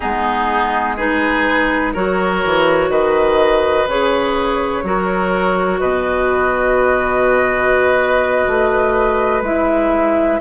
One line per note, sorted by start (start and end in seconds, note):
0.00 1.95 G#3
0.00 0.98 B3
0.00 0.96 D#4
0.00 0.97 G#4
0.96 1.94 D#4
0.96 1.93 G#4
0.96 1.94 B4
1.93 2.44 F#3
1.93 3.88 F#4
1.93 2.90 A#4
1.93 2.91 C#5
2.44 2.88 E3
2.88 3.85 D#3
2.88 4.84 B4
2.88 3.87 D#5
3.87 4.83 C#3
3.87 4.83 G#4
3.87 5.79 C#5
4.83 5.79 F#3
4.83 9.43 F#4
4.83 5.80 A#4
5.79 8.47 B2
5.79 10.39 B4
5.79 9.42 D#5
8.47 9.41 A3
9.41 10.38 G#3
9.41 10.40 E4
9.41 10.40 E5